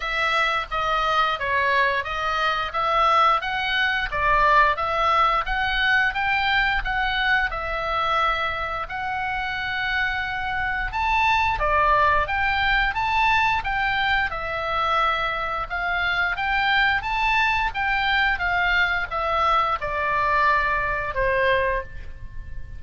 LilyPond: \new Staff \with { instrumentName = "oboe" } { \time 4/4 \tempo 4 = 88 e''4 dis''4 cis''4 dis''4 | e''4 fis''4 d''4 e''4 | fis''4 g''4 fis''4 e''4~ | e''4 fis''2. |
a''4 d''4 g''4 a''4 | g''4 e''2 f''4 | g''4 a''4 g''4 f''4 | e''4 d''2 c''4 | }